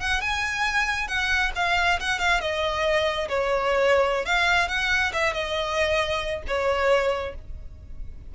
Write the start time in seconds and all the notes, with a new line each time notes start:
0.00 F#5
0.21 G#5
1.08 F#5
1.55 F5
2.00 F#5
2.19 F5
2.41 D#5
3.29 C#5
4.25 F5
4.68 F#5
5.13 E5
5.33 D#5
6.47 C#5